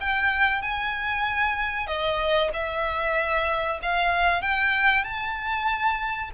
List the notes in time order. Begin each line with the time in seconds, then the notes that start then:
0.00 G5
0.62 G#5
1.87 D#5
2.53 E5
3.82 F5
4.42 G5
5.04 A5